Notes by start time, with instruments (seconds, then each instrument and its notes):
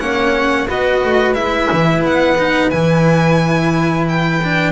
0.00 double bass A#3, cello C#4, flute C#5, violin F#5
0.68 double bass B3, cello F#4, flute B4, violin D#5
1.04 double bass A3
1.34 double bass G#3, cello E4, violin E5
1.72 double bass E3
2.04 double bass B3, violin F#5
2.38 cello D#4
2.70 double bass E3, cello E4, violin G#5
4.09 violin G5
4.44 cello D4